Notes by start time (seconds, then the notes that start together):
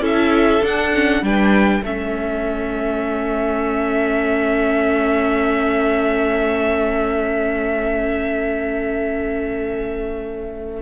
0.00 C#4 E4 A4 E5
0.62 D4 F#5
0.93 C#4
1.22 G3 D4 B4 G5
1.80 A3 C#4 A4 E5